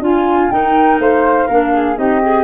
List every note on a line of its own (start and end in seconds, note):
0.00 0.49 D4
0.00 0.49 F4
0.00 0.52 F4
0.00 0.50 G#5
0.50 1.48 D#4
0.50 0.99 D#4
0.50 1.01 A#4
0.50 0.99 G5
0.99 1.47 A3
0.99 1.47 C5
0.99 1.98 F5
1.47 1.98 A#3
1.47 1.96 D4
1.47 1.71 A#4
1.74 1.98 G#4
1.96 2.43 C4
1.96 2.20 D#4
1.96 2.43 G4
1.96 2.43 D#5
2.22 2.43 G#4